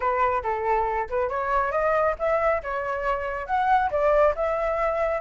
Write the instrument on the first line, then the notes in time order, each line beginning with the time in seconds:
flute
0.00 B4
0.43 A4
1.09 B4
1.29 C#5
1.71 D#5
2.18 E5
2.62 C#5
3.46 F#5
3.91 D5
4.35 E5